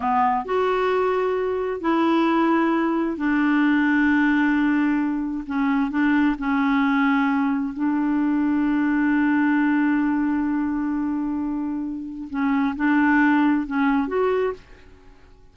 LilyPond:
\new Staff \with { instrumentName = "clarinet" } { \time 4/4 \tempo 4 = 132 b4 fis'2. | e'2. d'4~ | d'1 | cis'4 d'4 cis'2~ |
cis'4 d'2.~ | d'1~ | d'2. cis'4 | d'2 cis'4 fis'4 | }